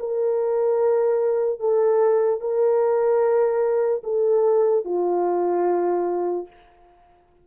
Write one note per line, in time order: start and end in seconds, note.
0.00 1.60 A#4
1.60 2.41 A4
2.41 4.03 A#4
4.04 4.85 A4
4.85 6.47 F4